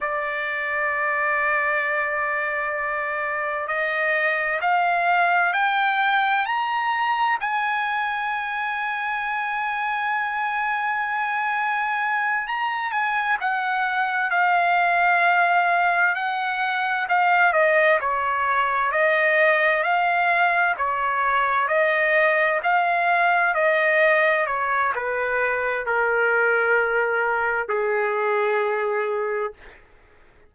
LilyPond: \new Staff \with { instrumentName = "trumpet" } { \time 4/4 \tempo 4 = 65 d''1 | dis''4 f''4 g''4 ais''4 | gis''1~ | gis''4. ais''8 gis''8 fis''4 f''8~ |
f''4. fis''4 f''8 dis''8 cis''8~ | cis''8 dis''4 f''4 cis''4 dis''8~ | dis''8 f''4 dis''4 cis''8 b'4 | ais'2 gis'2 | }